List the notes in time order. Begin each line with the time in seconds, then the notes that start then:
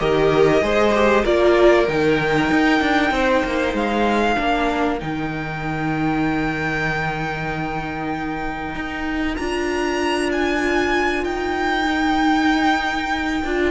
0.00 D#3 G4 A#4 D#5
0.62 G#3 G#4 C5
0.95 G4
1.24 A#3 F4 A#4 D5
1.88 D#3 D#4 G5
2.50 D#4
2.81 D4
3.11 C4 C5
3.44 A#3
3.74 G#3 F5
4.36 A#3 D4 A#4
4.99 D#3 D#4 G5
8.75 D#4
9.37 D4 F4 A#5
10.32 G#5
11.24 D#4 G5
11.85 D#4
13.45 D4 F4